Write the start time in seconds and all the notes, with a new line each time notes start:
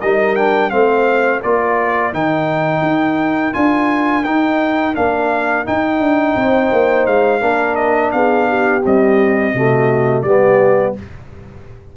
0.00 G3 D#4 A#4 D#5
0.35 D4 G5
0.70 A3 C4 C5 F5
1.42 A#3 F4 A#4 D5
2.12 D#3 D#4 G5
2.81 D#4
3.53 D4 F4 G#5
4.24 D#4 G5
4.94 A#3 D4 F5
5.64 D#4 G5
6.00 D4
6.35 C4 C5
6.72 A#3
7.06 G#3 F5
7.40 A#3 D4 A#4
7.75 D#5
8.11 B3 G#4 F5
8.48 G4
8.85 G3 C4 D#5
9.54 C3 A3 F#4
10.22 G3 B3 G4 D5